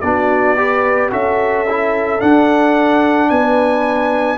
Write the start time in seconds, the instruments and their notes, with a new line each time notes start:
0.00 tuba B3, trombone D4, horn F#4, trumpet D5
0.56 trombone G4, horn B4
1.10 tuba C#4, trombone F#4, horn A4, trumpet E5
1.69 trombone E4
2.19 trombone D4, tuba D4, trumpet F#5
3.29 tuba B3, horn B4, trumpet G#5